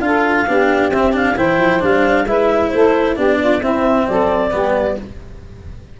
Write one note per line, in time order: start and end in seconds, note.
0.00 0.45 D4
0.00 0.47 F4
0.00 0.48 A4
0.00 0.91 F5
0.47 0.90 B3
0.47 0.92 D4
0.47 1.36 G4
0.90 1.35 C4
0.90 1.13 C4
0.90 1.14 E5
1.13 1.35 D4
1.13 1.37 F5
1.36 1.58 E3
1.36 1.80 E4
1.36 2.27 C5
1.36 1.82 G5
1.58 1.80 F3
1.80 2.27 G3
1.80 2.25 D4
1.80 2.27 F5
2.27 2.72 G#3
2.27 3.16 E4
2.27 2.72 B4
2.27 2.69 E5
2.69 3.17 A3
2.69 3.16 A4
2.69 3.14 C5
3.16 3.62 B3
3.16 3.61 D4
3.16 3.38 G4
3.16 3.62 D5
3.39 3.61 F4
3.61 4.07 C4
3.61 4.51 C4
3.61 4.06 E4
3.61 4.08 E5
4.08 4.53 F#3
4.08 4.52 A4
4.08 4.98 D5
4.51 4.99 G3
4.51 4.96 B3
4.51 4.97 G4